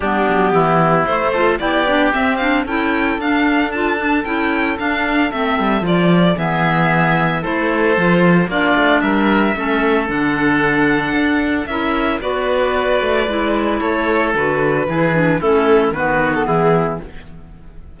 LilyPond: <<
  \new Staff \with { instrumentName = "violin" } { \time 4/4 \tempo 4 = 113 g'2 c''4 d''4 | e''8 f''8 g''4 f''4 a''4 | g''4 f''4 e''4 d''4 | e''2 c''2 |
d''4 e''2 fis''4~ | fis''2 e''4 d''4~ | d''2 cis''4 b'4~ | b'4 a'4 b'8. a'16 gis'4 | }
  \new Staff \with { instrumentName = "oboe" } { \time 4/4 d'4 e'4. a'8 g'4~ | g'4 a'2.~ | a'1 | gis'2 a'2 |
f'4 ais'4 a'2~ | a'2 ais'4 b'4~ | b'2 a'2 | gis'4 e'4 fis'4 e'4 | }
  \new Staff \with { instrumentName = "clarinet" } { \time 4/4 b2 a8 f'8 e'8 d'8 | c'8 d'8 e'4 d'4 f'8 d'8 | e'4 d'4 c'4 f'4 | b2 e'4 f'4 |
d'2 cis'4 d'4~ | d'2 e'4 fis'4~ | fis'4 e'2 fis'4 | e'8 d'8 cis'4 b2 | }
  \new Staff \with { instrumentName = "cello" } { \time 4/4 g8 fis8 e4 a4 b4 | c'4 cis'4 d'2 | cis'4 d'4 a8 g8 f4 | e2 a4 f4 |
ais8 a8 g4 a4 d4~ | d4 d'4 cis'4 b4~ | b8 a8 gis4 a4 d4 | e4 a4 dis4 e4 | }
>>